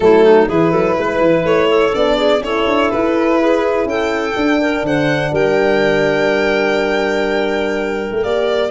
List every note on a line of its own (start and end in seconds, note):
0.00 0.48 F#3
0.00 0.46 A3
0.00 0.24 E4
0.00 0.48 A4
0.24 0.48 D#4
0.46 0.72 E3
0.46 1.91 E4
0.46 0.71 G#4
0.46 1.46 B4
0.71 0.96 F#3
0.71 0.95 A4
0.97 1.20 G#3
0.97 1.68 B4
1.20 1.44 E3
1.44 1.93 A3
1.44 1.94 C#5
1.68 2.16 A4
1.92 2.40 B3
1.92 2.40 D4
1.92 2.43 D5
2.16 2.40 G#4
2.40 2.64 C#4
2.40 4.34 E4
2.40 3.40 A4
2.40 2.90 C#5
2.67 2.91 D4
2.90 3.85 E4
2.90 3.87 B4
3.40 3.88 G#4
3.85 4.33 C#4
3.85 4.61 A4
3.85 4.85 G5
4.36 4.82 D4
4.36 8.23 D4
4.61 4.85 A#4
4.82 5.31 D3
4.82 5.32 C5
4.82 5.34 F#5
5.32 8.10 G3
5.32 8.70 A#4
5.32 8.23 G5
8.11 8.23 A3
8.23 8.70 A#3
8.23 8.70 G4
8.23 8.70 D5